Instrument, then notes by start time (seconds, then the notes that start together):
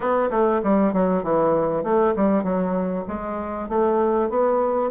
bassoon
0.00 B3
0.30 A3
0.63 G3
0.93 F#3
1.23 E3
1.83 A3
2.15 G3
2.43 F#3
3.07 G#3
3.68 A3
4.29 B3